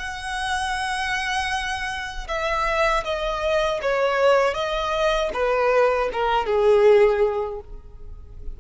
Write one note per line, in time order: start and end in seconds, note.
0.00 2.28 F#5
2.28 3.04 E5
3.05 3.81 D#5
3.82 4.55 C#5
4.55 5.31 D#5
5.34 6.10 B4
6.13 6.47 A#4
6.47 7.61 G#4